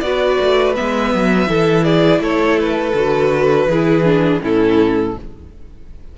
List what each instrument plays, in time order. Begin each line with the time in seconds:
0.00 cello B3, viola F#4, violin B4 D5
0.40 cello A3
0.75 cello G#3, viola B3, violin E5
1.14 cello F#3
1.46 cello E3, viola E4, violin A4
1.84 violin G#4 D5
2.19 cello A3, violin A4 C#5
2.59 violin B4
2.94 cello D3, viola F#4
3.66 cello E3, violin G#4
3.73 viola E4
4.04 viola D4
4.41 cello A2, viola C#4, violin E4 A4